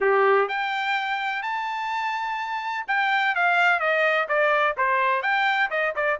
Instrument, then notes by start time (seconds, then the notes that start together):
trumpet
0.00 G4
0.48 G5
1.42 A5
2.87 G5
3.35 F5
3.79 D#5
4.28 D5
4.77 C5
5.22 G5
5.70 D#5
5.95 D5